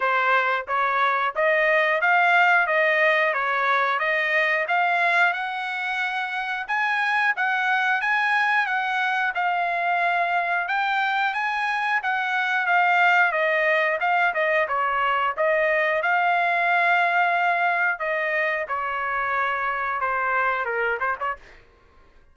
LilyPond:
\new Staff \with { instrumentName = "trumpet" } { \time 4/4 \tempo 4 = 90 c''4 cis''4 dis''4 f''4 | dis''4 cis''4 dis''4 f''4 | fis''2 gis''4 fis''4 | gis''4 fis''4 f''2 |
g''4 gis''4 fis''4 f''4 | dis''4 f''8 dis''8 cis''4 dis''4 | f''2. dis''4 | cis''2 c''4 ais'8 c''16 cis''16 | }